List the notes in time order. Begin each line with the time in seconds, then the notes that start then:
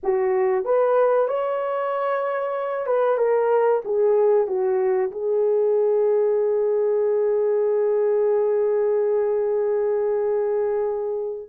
0.03 F#4
0.64 B4
1.28 C#5
2.86 B4
3.17 A#4
3.84 G#4
4.47 F#4
5.11 G#4